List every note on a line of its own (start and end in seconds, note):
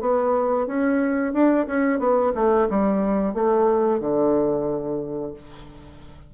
0.00 0.66 B3
0.66 1.33 C#4
1.33 1.66 D4
1.66 1.99 C#4
1.99 2.32 B3
2.35 2.68 A3
2.69 3.33 G3
3.33 4.00 A3
4.00 5.33 D3